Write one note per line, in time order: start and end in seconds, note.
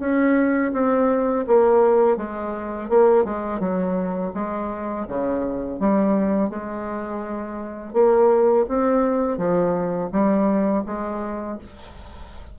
0.00 0.72 C#4
0.73 1.46 C4
1.48 2.17 A#3
2.17 2.89 G#3
2.90 3.25 A#3
3.25 3.60 G#3
3.60 4.32 F#3
4.34 5.07 G#3
5.08 5.80 C#3
5.80 6.50 G3
6.50 7.94 G#3
7.94 8.66 A#3
8.69 9.38 C4
9.38 10.10 F3
10.12 10.84 G3
10.86 11.59 G#3